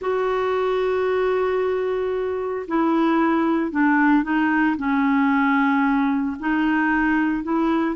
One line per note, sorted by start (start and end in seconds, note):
0.01 2.66 F#4
2.67 3.71 E4
3.71 4.23 D4
4.23 4.76 D#4
4.77 6.36 C#4
6.39 7.43 D#4
7.43 7.95 E4